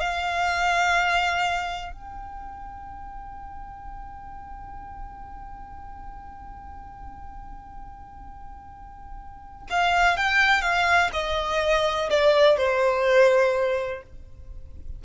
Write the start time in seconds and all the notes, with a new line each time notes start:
0.00 F5
1.93 G5
9.70 F5
10.17 G5
10.62 F5
11.13 D#5
12.10 D5
12.57 C5